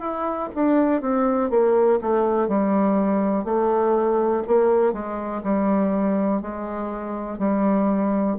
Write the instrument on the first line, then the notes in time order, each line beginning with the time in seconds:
bassoon
0.00 E4
0.55 D4
1.01 C4
1.50 A#3
2.02 A3
2.48 G3
3.44 A3
4.48 A#3
4.93 G#3
5.43 G3
6.42 G#3
7.39 G3